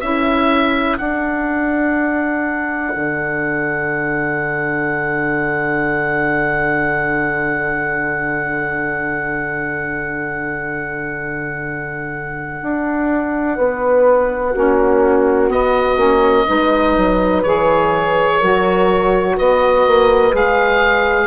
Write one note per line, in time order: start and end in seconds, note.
0.00 0.98 C#4
0.00 0.98 E4
0.00 13.55 A4
0.00 0.97 E5
0.98 14.53 D4
0.98 2.93 D4
0.98 15.49 F#5
2.95 12.62 D3
12.62 13.58 D4
13.56 14.54 B3
13.56 14.52 B4
14.52 15.51 A#3
14.52 15.49 C#4
14.52 16.45 F#4
15.49 15.97 B3
15.49 17.43 D#5
15.97 16.45 A#3
15.97 16.46 C#4
16.47 16.97 G#3
16.47 17.44 D#4
16.47 18.39 B4
16.97 17.45 F#3
17.43 18.41 E3
17.43 18.41 G#4
17.43 19.36 C#5
18.39 19.38 F#3
18.39 20.32 F#4
18.39 19.35 A#4
19.35 19.87 B3
19.35 21.27 B4
19.35 20.35 D#5
19.87 20.33 A#3
20.32 21.27 G#3
20.32 21.27 G#4
20.32 21.27 F5